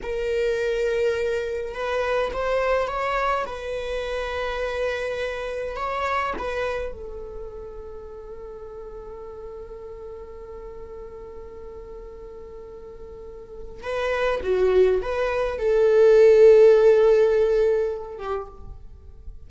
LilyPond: \new Staff \with { instrumentName = "viola" } { \time 4/4 \tempo 4 = 104 ais'2. b'4 | c''4 cis''4 b'2~ | b'2 cis''4 b'4 | a'1~ |
a'1~ | a'1 | b'4 fis'4 b'4 a'4~ | a'2.~ a'8 g'8 | }